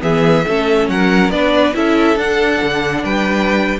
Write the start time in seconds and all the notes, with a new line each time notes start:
0.00 E3 B3 G#4 E5
0.46 A3 C#4 A4
0.88 F#3 A#4 F#5
1.30 B3 D4 B4 D5
1.73 C#4 E4 A4 E5
2.16 D4 F#5
2.62 D3
3.03 G3 B4 G5